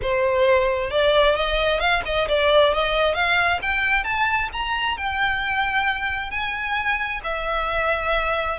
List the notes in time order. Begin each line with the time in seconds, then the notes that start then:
0.01 C5
0.90 D5
1.35 D#5
1.79 F5
2.05 D#5
2.28 D5
2.73 D#5
3.14 F5
3.62 G5
4.04 A5
4.52 A#5
4.97 G5
6.30 G#5
7.23 E5